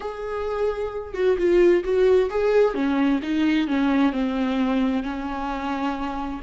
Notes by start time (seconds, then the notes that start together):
0.00 G#4
1.14 F#4
1.37 F4
1.84 F#4
2.29 G#4
2.74 C#4
3.22 D#4
3.67 C#4
4.12 C4
5.03 C#4